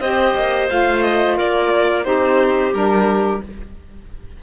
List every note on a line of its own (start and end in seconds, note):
0.00 0.34 C4
0.00 0.68 G4
0.00 1.37 C5
0.00 0.69 D#5
0.35 0.69 A#3
0.68 1.39 A3
0.68 2.03 F4
0.68 1.02 F5
1.02 1.37 D#5
1.37 2.06 A#3
1.37 2.05 A#4
1.37 2.04 D5
2.03 2.73 C4
2.03 2.71 D#4
2.03 3.42 G4
2.03 2.72 C5
2.73 3.41 G3
2.73 3.41 D4
2.73 3.41 A#4